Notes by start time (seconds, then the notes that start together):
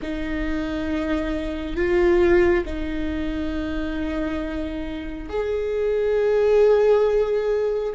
0.02 D#4
1.76 F4
2.65 D#4
5.29 G#4